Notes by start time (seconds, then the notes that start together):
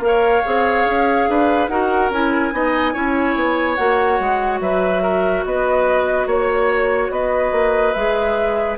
0.00 A#3 A#4 F5
0.07 C#5
0.45 C4 G#4
0.86 C#4
1.28 D4 B4
1.68 D#4 F#4 A#4 F#5
2.10 C#4 E4 G#5
2.52 B3 D#4 D#5
2.93 C#4 E4 C#5
3.36 B3
3.75 A#3 F#4 F#5
4.20 G#3
4.61 F#3 B4 E5
5.03 A#4
5.45 B3 B4 D#5
6.27 A#3 C#5
7.10 B3 B4 D#5
7.52 A#3
7.93 G#3 G#4 E5